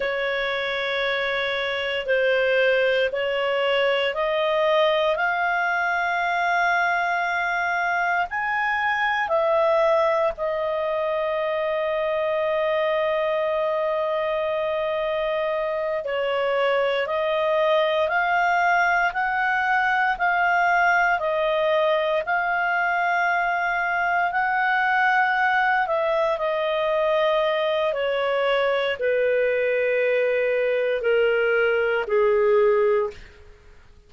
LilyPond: \new Staff \with { instrumentName = "clarinet" } { \time 4/4 \tempo 4 = 58 cis''2 c''4 cis''4 | dis''4 f''2. | gis''4 e''4 dis''2~ | dis''2.~ dis''8 cis''8~ |
cis''8 dis''4 f''4 fis''4 f''8~ | f''8 dis''4 f''2 fis''8~ | fis''4 e''8 dis''4. cis''4 | b'2 ais'4 gis'4 | }